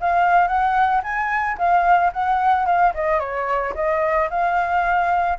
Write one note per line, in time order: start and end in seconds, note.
0.00 0.47 F5
0.47 1.01 F#5
1.03 1.57 G#5
1.57 2.12 F5
2.13 2.66 F#5
2.66 2.93 F5
2.94 3.19 D#5
3.19 3.73 C#5
3.74 4.29 D#5
4.30 5.38 F5